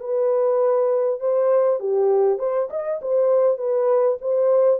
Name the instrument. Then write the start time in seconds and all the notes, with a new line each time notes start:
horn
0.00 B4
1.20 C5
1.79 G4
2.39 C5
2.70 D#5
3.01 C5
3.58 B4
4.21 C5